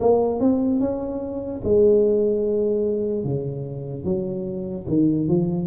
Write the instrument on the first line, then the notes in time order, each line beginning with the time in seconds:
tuba
0.00 A#3
0.39 C4
0.80 C#4
1.63 G#3
3.24 C#3
4.04 F#3
4.87 D#3
5.28 F3